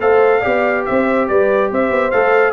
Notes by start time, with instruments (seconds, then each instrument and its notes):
0.00 tuba A3, trombone A4, horn C5, trumpet F5
0.40 tuba B3, trombone G4, horn D5
0.85 tuba C4, horn C5, trumpet E5
1.28 tuba G3, horn B4, trumpet D5
1.71 tuba C4, horn C5, trumpet E5
1.90 tuba B3
2.11 tuba A3, trombone A4, trumpet F5